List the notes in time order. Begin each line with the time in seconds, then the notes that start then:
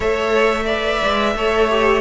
0.00 A3 A4 C#5 E5
0.65 B4 D5
1.03 G#3
1.35 A3 A4 C#5
1.69 G4